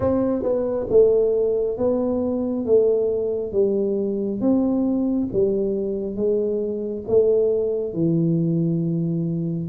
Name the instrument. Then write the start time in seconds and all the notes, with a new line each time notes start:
tuba
0.00 C4
0.43 B3
0.90 A3
1.77 B3
2.65 A3
3.52 G3
4.40 C4
5.33 G3
6.16 G#3
7.07 A3
7.93 E3